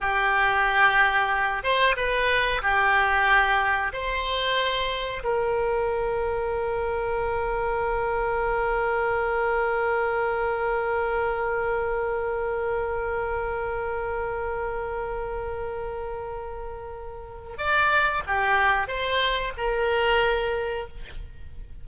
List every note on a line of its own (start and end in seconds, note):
0.00 1.63 G4
1.63 1.95 C5
1.96 2.61 B4
2.62 3.92 G4
3.92 5.23 C5
5.24 17.57 A#4
17.57 18.23 D5
18.26 18.87 G4
18.87 19.52 C5
19.57 20.87 A#4